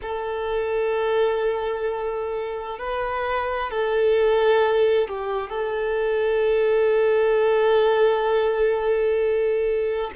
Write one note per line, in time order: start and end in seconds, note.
0.02 2.78 A4
2.78 3.70 B4
3.70 5.08 A4
5.08 5.49 G4
5.49 10.11 A4